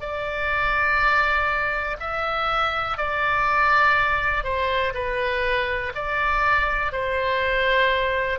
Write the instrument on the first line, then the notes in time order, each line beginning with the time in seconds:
oboe
0.00 D5
1.99 E5
2.97 D5
4.44 C5
4.94 B4
5.95 D5
6.92 C5